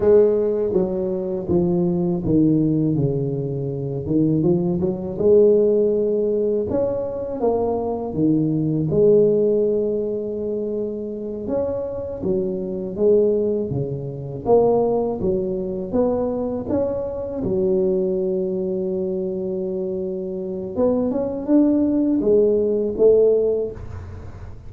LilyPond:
\new Staff \with { instrumentName = "tuba" } { \time 4/4 \tempo 4 = 81 gis4 fis4 f4 dis4 | cis4. dis8 f8 fis8 gis4~ | gis4 cis'4 ais4 dis4 | gis2.~ gis8 cis'8~ |
cis'8 fis4 gis4 cis4 ais8~ | ais8 fis4 b4 cis'4 fis8~ | fis1 | b8 cis'8 d'4 gis4 a4 | }